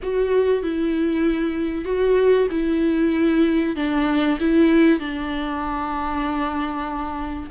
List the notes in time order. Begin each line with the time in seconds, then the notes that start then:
0.02 F#4
0.62 E4
1.84 F#4
2.51 E4
3.76 D4
4.40 E4
4.99 D4